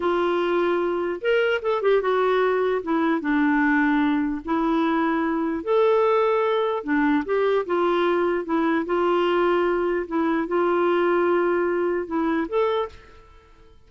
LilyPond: \new Staff \with { instrumentName = "clarinet" } { \time 4/4 \tempo 4 = 149 f'2. ais'4 | a'8 g'8 fis'2 e'4 | d'2. e'4~ | e'2 a'2~ |
a'4 d'4 g'4 f'4~ | f'4 e'4 f'2~ | f'4 e'4 f'2~ | f'2 e'4 a'4 | }